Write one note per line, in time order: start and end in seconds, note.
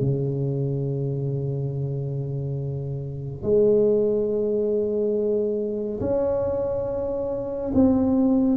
0.00 3.42 C#3
3.42 6.00 G#3
6.00 7.71 C#4
7.74 8.56 C4